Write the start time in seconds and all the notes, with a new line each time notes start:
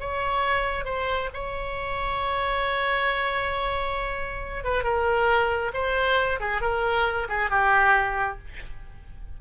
0.00 C#5
0.85 C5
1.34 C#5
4.64 B4
4.83 A#4
5.74 C5
6.40 G#4
6.61 A#4
7.29 G#4
7.50 G4